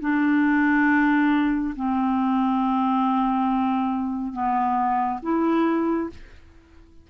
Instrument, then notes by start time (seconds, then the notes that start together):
clarinet
0.00 D4
1.75 C4
4.32 B3
5.22 E4